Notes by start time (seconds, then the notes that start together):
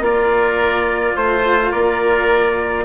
0.00 A#3 F4 A#4 D5
1.16 A3 C5
1.71 A#3 A#4 D5